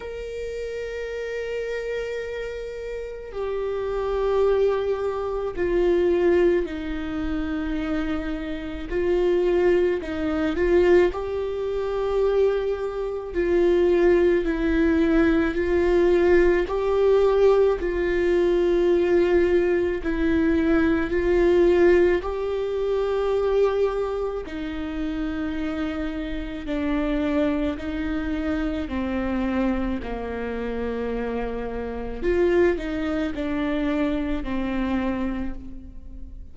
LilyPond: \new Staff \with { instrumentName = "viola" } { \time 4/4 \tempo 4 = 54 ais'2. g'4~ | g'4 f'4 dis'2 | f'4 dis'8 f'8 g'2 | f'4 e'4 f'4 g'4 |
f'2 e'4 f'4 | g'2 dis'2 | d'4 dis'4 c'4 ais4~ | ais4 f'8 dis'8 d'4 c'4 | }